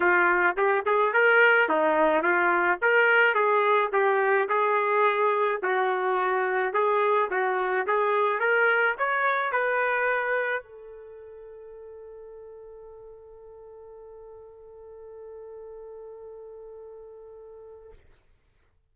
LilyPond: \new Staff \with { instrumentName = "trumpet" } { \time 4/4 \tempo 4 = 107 f'4 g'8 gis'8 ais'4 dis'4 | f'4 ais'4 gis'4 g'4 | gis'2 fis'2 | gis'4 fis'4 gis'4 ais'4 |
cis''4 b'2 a'4~ | a'1~ | a'1~ | a'1 | }